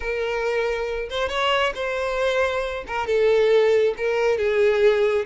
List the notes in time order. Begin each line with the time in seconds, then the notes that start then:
0.00 A#4
1.09 C5
1.28 C#5
1.75 C5
2.87 A#4
3.07 A4
3.97 A#4
4.37 G#4